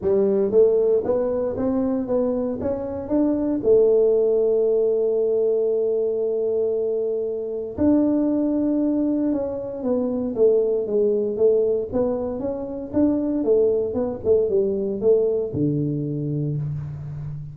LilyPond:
\new Staff \with { instrumentName = "tuba" } { \time 4/4 \tempo 4 = 116 g4 a4 b4 c'4 | b4 cis'4 d'4 a4~ | a1~ | a2. d'4~ |
d'2 cis'4 b4 | a4 gis4 a4 b4 | cis'4 d'4 a4 b8 a8 | g4 a4 d2 | }